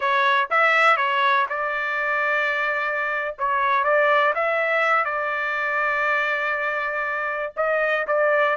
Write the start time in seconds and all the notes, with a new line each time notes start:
0.00 C#5
0.50 E5
0.96 C#5
1.49 D5
3.38 C#5
3.84 D5
4.34 E5
5.04 D5
7.56 D#5
8.07 D5